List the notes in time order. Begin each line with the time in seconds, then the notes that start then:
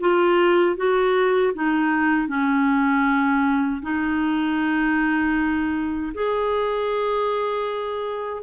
0.00 F4
0.76 F#4
1.54 D#4
2.28 C#4
3.82 D#4
6.14 G#4